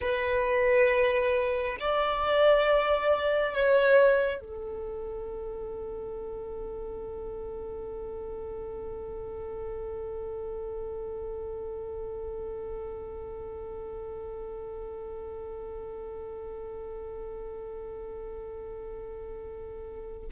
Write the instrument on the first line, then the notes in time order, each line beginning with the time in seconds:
violin
0.00 B4
1.79 D5
3.54 C#5
4.40 A4